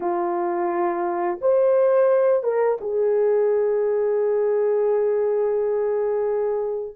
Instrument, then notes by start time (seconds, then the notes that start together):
horn
0.00 F4
1.41 C5
2.43 A#4
2.80 G#4